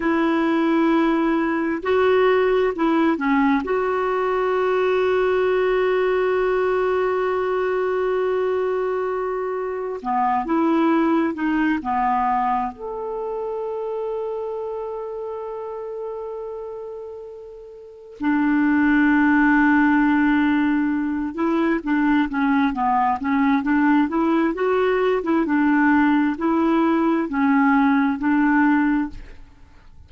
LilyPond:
\new Staff \with { instrumentName = "clarinet" } { \time 4/4 \tempo 4 = 66 e'2 fis'4 e'8 cis'8 | fis'1~ | fis'2. b8 e'8~ | e'8 dis'8 b4 a'2~ |
a'1 | d'2.~ d'8 e'8 | d'8 cis'8 b8 cis'8 d'8 e'8 fis'8. e'16 | d'4 e'4 cis'4 d'4 | }